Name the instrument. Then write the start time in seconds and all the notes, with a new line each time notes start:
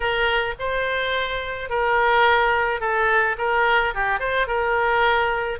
oboe
0.00 A#4
0.59 C5
1.69 A#4
2.80 A4
3.38 A#4
3.94 G4
4.19 C5
4.47 A#4